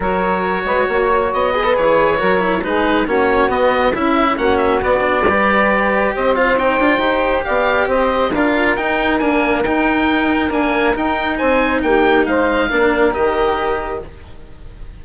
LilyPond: <<
  \new Staff \with { instrumentName = "oboe" } { \time 4/4 \tempo 4 = 137 cis''2. dis''4 | cis''2 b'4 cis''4 | dis''4 e''4 fis''8 e''8 d''4~ | d''2 dis''8 f''8 g''4~ |
g''4 f''4 dis''4 f''4 | g''4 gis''4 g''2 | gis''4 g''4 gis''4 g''4 | f''2 dis''2 | }
  \new Staff \with { instrumentName = "saxophone" } { \time 4/4 ais'4. b'8 cis''4. b'8~ | b'4 ais'4 gis'4 fis'4~ | fis'4 e'4 fis'2 | b'2 c''2~ |
c''4 d''4 c''4 ais'4~ | ais'1~ | ais'2 c''4 g'4 | c''4 ais'2. | }
  \new Staff \with { instrumentName = "cello" } { \time 4/4 fis'2.~ fis'8 gis'16 a'16 | gis'4 fis'8 e'8 dis'4 cis'4 | b4 e'4 cis'4 b8 d'8 | g'2~ g'8 f'8 dis'8 f'8 |
g'2. f'4 | dis'4 ais4 dis'2 | ais4 dis'2.~ | dis'4 d'4 g'2 | }
  \new Staff \with { instrumentName = "bassoon" } { \time 4/4 fis4. gis8 ais4 b4 | e4 fis4 gis4 ais4 | b4 cis'4 ais4 b4 | g2 c'4. d'8 |
dis'4 b4 c'4 d'4 | dis'4 d'4 dis'2 | d'4 dis'4 c'4 ais4 | gis4 ais4 dis2 | }
>>